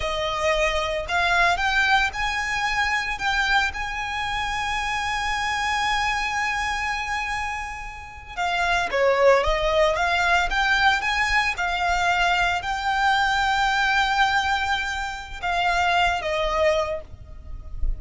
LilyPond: \new Staff \with { instrumentName = "violin" } { \time 4/4 \tempo 4 = 113 dis''2 f''4 g''4 | gis''2 g''4 gis''4~ | gis''1~ | gis''2.~ gis''8. f''16~ |
f''8. cis''4 dis''4 f''4 g''16~ | g''8. gis''4 f''2 g''16~ | g''1~ | g''4 f''4. dis''4. | }